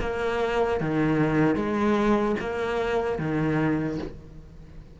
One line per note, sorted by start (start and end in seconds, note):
0.00 0.80 A#3
0.80 1.56 D#3
1.56 2.36 G#3
2.40 3.18 A#3
3.18 3.98 D#3